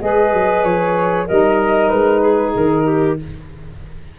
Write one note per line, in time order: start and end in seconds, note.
0.00 0.34 G#3
0.00 1.26 G#4
0.00 1.27 B4
0.00 0.64 D#5
0.34 0.64 F#3
0.64 1.27 F3
0.64 1.27 C#5
1.27 1.92 G3
1.27 3.18 D#4
1.27 2.21 A#4
1.27 1.89 D#5
1.89 2.55 G#3
1.89 2.52 B4
2.21 2.84 G#4
2.56 3.19 D#3
2.56 3.19 A#4
2.84 3.16 G4